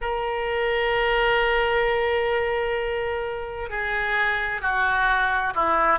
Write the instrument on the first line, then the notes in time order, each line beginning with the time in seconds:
oboe
0.01 A#4
3.69 G#4
4.61 F#4
5.54 E4